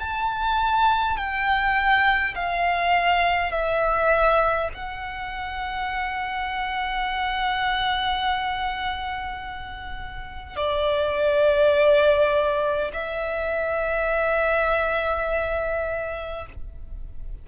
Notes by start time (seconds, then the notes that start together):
0.00 A5
1.17 G5
2.35 F5
3.52 E5
4.74 F#5
10.57 D5
12.94 E5